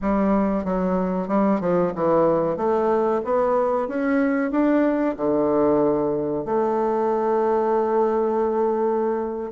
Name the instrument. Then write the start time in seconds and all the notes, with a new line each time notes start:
bassoon
0.01 G3
0.64 F#3
1.28 G3
1.60 F3
1.95 E3
2.57 A3
3.24 B3
3.88 C#4
4.51 D4
5.16 D3
6.45 A3